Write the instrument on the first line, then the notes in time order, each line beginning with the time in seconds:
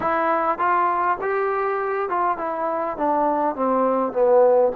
trombone
0.00 E4
0.58 F4
1.21 G4
2.09 F4
2.37 E4
2.97 D4
3.55 C4
4.12 B3